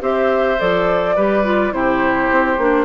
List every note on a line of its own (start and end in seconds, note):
0.00 0.58 C4
0.00 0.57 G4
0.00 1.15 C5
0.00 0.59 E5
0.59 1.17 F3
0.59 1.16 A4
0.59 1.73 D5
1.15 1.72 G3
1.15 1.44 G4
1.15 1.72 B4
1.44 1.71 F4
1.71 2.29 C3
1.71 2.57 E4
1.71 2.85 G4
1.71 2.85 C5
2.31 2.57 C4
2.57 2.85 A#3
2.57 2.85 D4